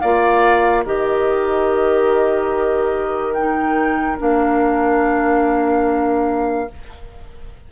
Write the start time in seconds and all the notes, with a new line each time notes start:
0.00 A#3 F4 D5 F5
0.84 D#3 G4 A#4 D#5
3.33 D#4 G5
4.18 A#3 D4 F5